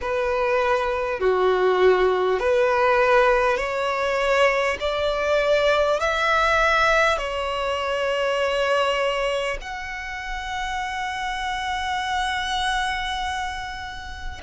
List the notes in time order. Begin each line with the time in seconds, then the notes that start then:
0.01 B4
1.19 F#4
2.39 B4
3.57 C#5
4.80 D5
5.99 E5
7.17 C#5
9.61 F#5